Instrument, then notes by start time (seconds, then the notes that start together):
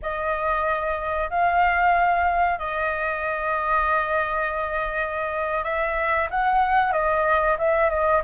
flute
0.02 D#5
1.29 F5
2.58 D#5
5.64 E5
6.30 F#5
6.92 D#5
7.58 E5
7.89 D#5